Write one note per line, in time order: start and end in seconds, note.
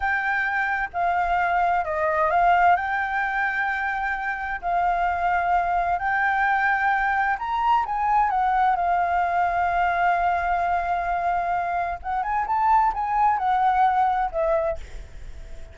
0.00 0.89 G5
0.93 1.84 F5
1.84 2.30 D#5
2.30 2.76 F5
2.76 4.60 G5
4.61 5.98 F5
5.98 7.37 G5
7.38 7.85 A#5
7.85 8.30 G#5
8.30 8.76 F#5
8.76 11.99 F5
12.02 12.23 F#5
12.23 12.46 G#5
12.46 12.93 A5
12.93 13.38 G#5
13.38 14.30 F#5
14.31 14.78 E5